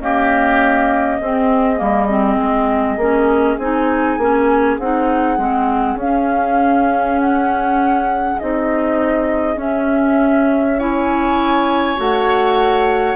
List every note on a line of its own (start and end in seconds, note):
0.00 1.20 A#3
0.00 1.20 C#4
0.00 1.21 G4
0.00 3.58 D#5
1.21 1.81 C4
1.21 1.77 C4
1.21 10.79 G#4
1.77 2.37 G3
1.77 2.06 A#3
2.09 2.99 C4
2.37 2.97 G#3
2.97 3.57 A#3
2.97 3.60 C#4
3.58 4.18 C4
3.58 4.20 D#4
3.58 4.78 G#5
4.18 4.78 A#3
4.18 4.80 C#4
4.79 5.38 C4
4.79 5.38 D#4
4.79 5.99 F#5
5.38 5.95 G#3
5.38 5.98 C4
5.95 8.35 C#4
5.95 7.19 F5
6.02 8.40 C#4
7.19 8.39 F#5
8.39 9.56 C4
8.39 9.56 D#4
8.39 9.59 D#5
9.56 11.96 C#4
9.56 10.76 C#4
9.56 10.79 E5
10.79 11.97 E4
10.79 13.16 C#5
10.79 12.00 G#5
11.97 13.16 A3
11.97 13.16 F#4
11.97 13.16 F#5